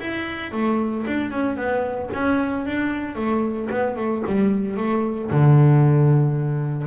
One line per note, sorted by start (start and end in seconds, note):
0.00 0.52 E4
0.52 1.05 A3
1.07 1.31 D4
1.31 1.56 C#4
1.56 2.09 B3
2.13 2.65 C#4
2.65 3.15 D4
3.15 3.68 A3
3.70 3.96 B3
3.96 4.23 A3
4.26 4.77 G3
4.77 5.30 A3
5.30 6.87 D3